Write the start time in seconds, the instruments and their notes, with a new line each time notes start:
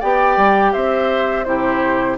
0.00 bassoon B3, clarinet G4, oboe D5, flute G5
0.37 bassoon G3
0.73 bassoon C4, oboe C5, flute E5
1.44 bassoon C3, clarinet E4, oboe G4, flute C5